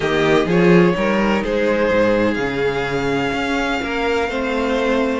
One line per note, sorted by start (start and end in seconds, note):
0.00 0.45 D#3
0.00 0.47 A#3
0.00 0.46 G4
0.00 0.47 D#5
0.45 0.93 F3
0.45 0.93 F4
0.45 0.93 G#4
0.45 1.43 C#5
0.93 1.44 G3
0.93 2.36 D#4
0.93 1.44 A#4
1.43 1.90 G#3
1.43 3.82 G#4
1.43 2.34 C5
1.90 2.37 G#2
2.34 3.32 C#3
2.34 4.29 C#4
2.34 5.20 F5
3.32 3.80 C#4
3.82 4.28 A#3
3.82 4.29 A#4
4.28 5.20 A3
4.28 5.20 C4
4.28 5.20 C5